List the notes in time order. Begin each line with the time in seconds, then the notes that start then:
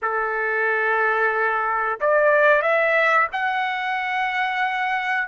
0.01 A4
2.00 D5
2.61 E5
3.32 F#5